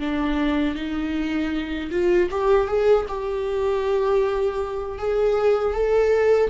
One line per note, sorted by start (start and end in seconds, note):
0.00 0.76 D4
0.76 1.91 D#4
1.92 2.30 F4
2.31 2.68 G4
2.68 3.06 G#4
3.09 4.99 G4
4.99 5.74 G#4
5.74 6.50 A4